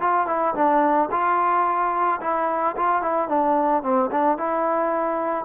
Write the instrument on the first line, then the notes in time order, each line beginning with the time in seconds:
trombone
0.00 F4
0.27 E4
0.54 D4
1.11 F4
2.20 E4
2.76 F4
3.01 E4
3.28 D4
3.82 C4
4.11 D4
4.37 E4